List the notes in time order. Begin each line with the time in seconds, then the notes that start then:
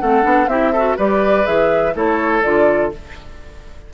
0.00 A3 C4 A4 F#5
0.22 B3 D4
0.47 C4 E4 G4 E5
0.72 F#4 A4
0.96 G3 G4 B4 D5
1.44 E3 G#4 E5
1.94 A3 E4 A4 C#5
2.43 D3 F4 D5